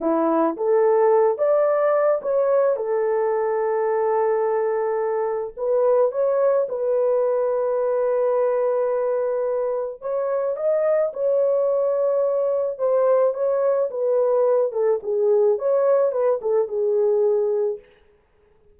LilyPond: \new Staff \with { instrumentName = "horn" } { \time 4/4 \tempo 4 = 108 e'4 a'4. d''4. | cis''4 a'2.~ | a'2 b'4 cis''4 | b'1~ |
b'2 cis''4 dis''4 | cis''2. c''4 | cis''4 b'4. a'8 gis'4 | cis''4 b'8 a'8 gis'2 | }